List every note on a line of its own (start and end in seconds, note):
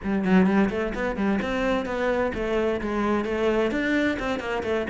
0.03 0.24 G3
0.24 0.46 F#3
0.46 0.69 G3
0.70 0.93 A3
0.94 1.16 B3
1.16 1.39 G3
1.42 1.85 C4
1.85 2.32 B3
2.34 2.81 A3
2.81 3.24 G#3
3.24 3.71 A3
3.71 4.17 D4
4.19 4.39 C4
4.39 4.62 A#3
4.63 4.86 A3